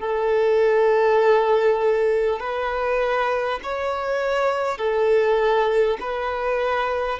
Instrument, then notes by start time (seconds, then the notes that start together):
violin
0.00 A4
2.39 B4
3.63 C#5
4.78 A4
6.01 B4